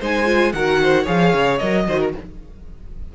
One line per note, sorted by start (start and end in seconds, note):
0.00 0.53 G#3
0.00 0.26 D#4
0.00 0.53 C5
0.00 0.53 G#5
0.26 0.52 F4
0.53 1.06 D#3
0.53 1.06 F#4
0.53 0.82 A#4
0.53 1.06 F#5
0.83 1.03 C5
1.03 1.34 F3
1.03 1.59 G#4
1.03 1.83 C#5
1.03 1.59 F5
1.34 1.60 C#3
1.59 1.88 F#3
1.59 1.87 A#4
1.59 2.12 D#5
1.88 2.15 D#3
1.88 2.15 F#4
1.88 2.00 C5
2.00 2.13 A#4